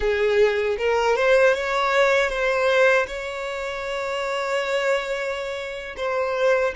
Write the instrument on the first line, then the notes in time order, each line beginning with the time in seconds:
violin
0.00 G#4
0.78 A#4
1.15 C5
1.54 C#5
2.29 C5
3.07 C#5
5.96 C5